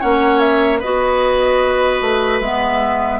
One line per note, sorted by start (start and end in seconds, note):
0.00 0.84 A#3
0.00 0.80 C#4
0.00 0.79 C#5
0.00 0.40 F#5
0.40 0.80 E5
0.79 2.01 B3
0.79 2.43 F#4
0.79 3.19 B4
0.79 2.41 D#5
2.01 2.40 A3
2.40 3.20 G#3
2.40 3.20 B3
2.40 3.20 E5